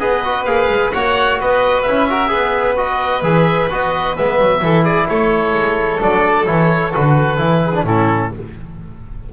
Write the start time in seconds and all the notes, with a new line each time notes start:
0.00 B3 G#4 B4 D#5
0.25 F#4
0.45 A#3 G#4 F5
0.69 G#3
0.92 A#3 F#4 C#5 F#5
1.40 B3 B4 D#5
1.82 C#4 E4 E5
2.10 F#4 A#4
2.29 B3 G#4 B4
2.77 F#4 D#5
3.23 E3 G#4 E5
3.70 B3 F#4 D#5
4.16 G#3 B3 E5
4.39 F#3
4.61 E3 E4 A4
4.85 G#4 D5
5.09 A3 A4 C#5
5.53 G#3
6.00 F#3 D4 D5
6.46 E3 E4 C#5
6.93 D3 F#4 B4
7.38 E3 E4
7.63 G#4
7.75 D4
7.84 A2 C#4 E4 A4